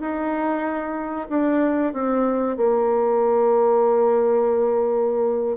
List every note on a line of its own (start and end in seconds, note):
0.00 1.28 D#4
1.29 1.93 D4
1.93 2.56 C4
2.56 5.57 A#3